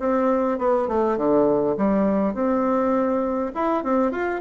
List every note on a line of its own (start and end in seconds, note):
0.00 0.59 C4
0.59 0.88 B3
0.89 1.18 A3
1.18 1.76 D3
1.78 2.34 G3
2.34 3.52 C4
3.55 3.84 E4
3.84 4.12 C4
4.12 4.41 F4